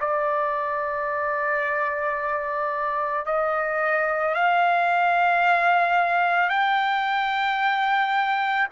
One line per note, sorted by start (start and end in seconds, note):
0.00 3.26 D5
3.26 4.35 D#5
4.35 6.49 F5
6.49 8.67 G5